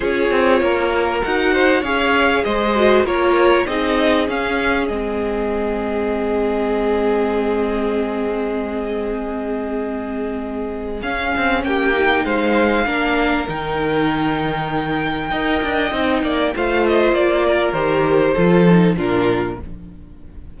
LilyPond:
<<
  \new Staff \with { instrumentName = "violin" } { \time 4/4 \tempo 4 = 98 cis''2 fis''4 f''4 | dis''4 cis''4 dis''4 f''4 | dis''1~ | dis''1~ |
dis''2 f''4 g''4 | f''2 g''2~ | g''2. f''8 dis''8 | d''4 c''2 ais'4 | }
  \new Staff \with { instrumentName = "violin" } { \time 4/4 gis'4 ais'4. c''8 cis''4 | c''4 ais'4 gis'2~ | gis'1~ | gis'1~ |
gis'2. g'4 | c''4 ais'2.~ | ais'4 dis''4. d''8 c''4~ | c''8 ais'4. a'4 f'4 | }
  \new Staff \with { instrumentName = "viola" } { \time 4/4 f'2 fis'4 gis'4~ | gis'8 fis'8 f'4 dis'4 cis'4 | c'1~ | c'1~ |
c'2 cis'4. dis'8~ | dis'4 d'4 dis'2~ | dis'4 ais'4 dis'4 f'4~ | f'4 g'4 f'8 dis'8 d'4 | }
  \new Staff \with { instrumentName = "cello" } { \time 4/4 cis'8 c'8 ais4 dis'4 cis'4 | gis4 ais4 c'4 cis'4 | gis1~ | gis1~ |
gis2 cis'8 c'8 ais4 | gis4 ais4 dis2~ | dis4 dis'8 d'8 c'8 ais8 a4 | ais4 dis4 f4 ais,4 | }
>>